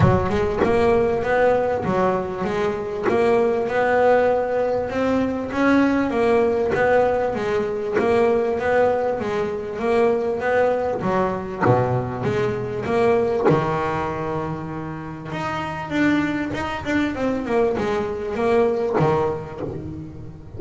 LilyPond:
\new Staff \with { instrumentName = "double bass" } { \time 4/4 \tempo 4 = 98 fis8 gis8 ais4 b4 fis4 | gis4 ais4 b2 | c'4 cis'4 ais4 b4 | gis4 ais4 b4 gis4 |
ais4 b4 fis4 b,4 | gis4 ais4 dis2~ | dis4 dis'4 d'4 dis'8 d'8 | c'8 ais8 gis4 ais4 dis4 | }